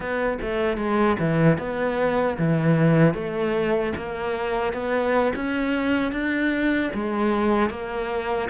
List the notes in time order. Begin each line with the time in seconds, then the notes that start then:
0.00 B3
0.41 A3
0.77 G#3
1.19 E3
1.58 B3
2.38 E3
3.14 A3
3.96 A#3
4.73 B3
5.35 C#4
6.11 D4
6.94 G#3
7.70 A#3